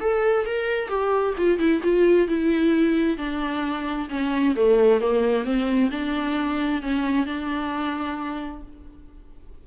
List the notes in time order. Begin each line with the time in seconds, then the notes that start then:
0.00 A4
0.45 A#4
0.88 G4
1.37 F4
1.58 E4
1.83 F4
2.27 E4
3.17 D4
4.09 C#4
4.55 A3
5.00 A#3
5.44 C4
5.91 D4
6.81 C#4
7.25 D4